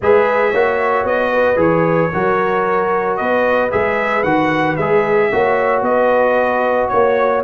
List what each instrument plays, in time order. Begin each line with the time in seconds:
0.01 tuba G#3, trombone G#4, horn B4, trumpet E5
0.50 tuba A#3, trombone F#4, horn C#5
1.04 tuba B3, trumpet D#5
1.32 horn B4
1.56 tuba E3, trombone G#4, trumpet C#5
2.12 tuba F#3, trombone F#4, horn A#4
3.17 tuba B3, horn B4, trumpet D#5
3.70 tuba G#3, trombone G#4, trumpet E5
4.23 tuba D#3, trombone F#4, trumpet F#5
4.76 tuba G#3, trombone G#4, trumpet E5
5.31 tuba A#3, trombone F#4, horn C#5
5.81 tuba B3, horn B4, trumpet D#5
6.88 tuba A#3, trumpet C#5, horn C#5